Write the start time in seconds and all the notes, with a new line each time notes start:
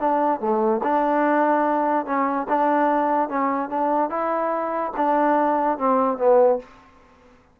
0.00 D4
0.40 A3
0.84 D4
2.06 C#4
2.49 D4
3.29 C#4
3.69 D4
4.10 E4
4.97 D4
5.78 C4
6.18 B3